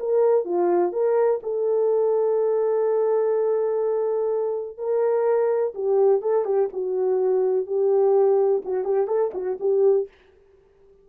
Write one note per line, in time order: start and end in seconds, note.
0.00 0.45 A#4
0.45 0.93 F4
0.93 1.41 A#4
1.43 4.78 A4
4.78 5.74 A#4
5.75 6.22 G4
6.22 6.45 A4
6.45 6.69 G4
6.73 7.66 F#4
7.66 8.62 G4
8.65 8.85 F#4
8.85 9.07 G4
9.07 9.31 A4
9.34 9.58 F#4
9.60 10.08 G4